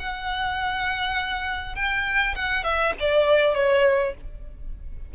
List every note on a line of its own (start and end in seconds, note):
0.00 1.76 F#5
1.76 2.35 G5
2.36 2.64 F#5
2.64 2.94 E5
3.00 3.55 D5
3.55 4.14 C#5